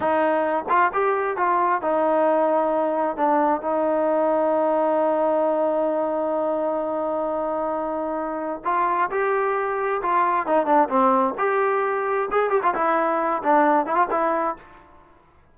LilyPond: \new Staff \with { instrumentName = "trombone" } { \time 4/4 \tempo 4 = 132 dis'4. f'8 g'4 f'4 | dis'2. d'4 | dis'1~ | dis'1~ |
dis'2. f'4 | g'2 f'4 dis'8 d'8 | c'4 g'2 gis'8 g'16 f'16 | e'4. d'4 e'16 f'16 e'4 | }